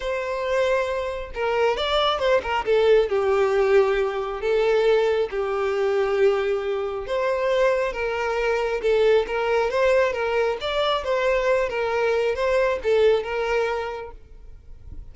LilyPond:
\new Staff \with { instrumentName = "violin" } { \time 4/4 \tempo 4 = 136 c''2. ais'4 | d''4 c''8 ais'8 a'4 g'4~ | g'2 a'2 | g'1 |
c''2 ais'2 | a'4 ais'4 c''4 ais'4 | d''4 c''4. ais'4. | c''4 a'4 ais'2 | }